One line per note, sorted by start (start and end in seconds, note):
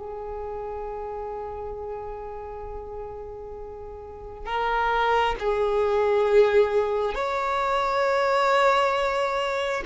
0.00 4.46 G#4
4.46 5.36 A#4
5.40 7.15 G#4
7.15 9.84 C#5